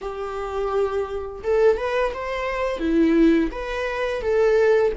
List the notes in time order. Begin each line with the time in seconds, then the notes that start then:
0.01 G4
1.43 A4
1.77 B4
2.13 C5
2.79 E4
3.51 B4
4.21 A4